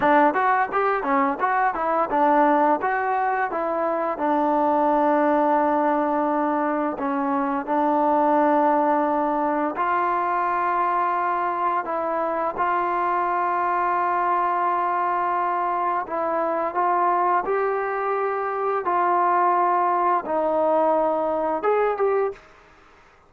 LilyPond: \new Staff \with { instrumentName = "trombone" } { \time 4/4 \tempo 4 = 86 d'8 fis'8 g'8 cis'8 fis'8 e'8 d'4 | fis'4 e'4 d'2~ | d'2 cis'4 d'4~ | d'2 f'2~ |
f'4 e'4 f'2~ | f'2. e'4 | f'4 g'2 f'4~ | f'4 dis'2 gis'8 g'8 | }